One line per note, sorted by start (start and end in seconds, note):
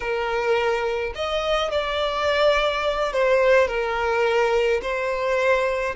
0.00 1.13 A#4
1.15 1.71 D#5
1.71 3.13 D5
3.13 3.67 C5
3.67 4.81 A#4
4.82 5.95 C5